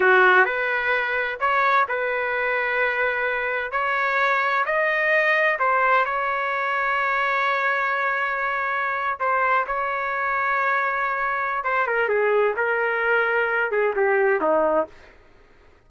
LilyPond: \new Staff \with { instrumentName = "trumpet" } { \time 4/4 \tempo 4 = 129 fis'4 b'2 cis''4 | b'1 | cis''2 dis''2 | c''4 cis''2.~ |
cis''2.~ cis''8. c''16~ | c''8. cis''2.~ cis''16~ | cis''4 c''8 ais'8 gis'4 ais'4~ | ais'4. gis'8 g'4 dis'4 | }